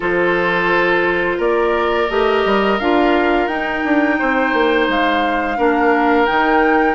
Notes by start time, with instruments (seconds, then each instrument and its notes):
0.00 bassoon F3, clarinet F4, oboe A4, flute C5
1.37 bassoon A#3, oboe A#4, flute D5
2.09 bassoon A3, clarinet G4, flute D#5
2.45 bassoon G3
2.79 bassoon D4, clarinet F4, flute F5
3.47 bassoon D#4, clarinet D#4, flute G5
3.84 bassoon D4
4.18 bassoon C4, oboe C5
4.53 bassoon A#3
4.88 bassoon G#3, flute F5
5.56 bassoon A#3, clarinet D4, oboe A#4
6.26 bassoon D#3, clarinet D#4, flute G5